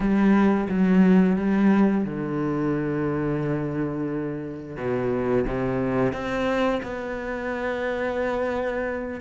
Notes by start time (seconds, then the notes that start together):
0.00 G3
0.68 F#3
1.36 G3
2.04 D3
4.77 B2
5.47 C3
6.12 C4
6.82 B3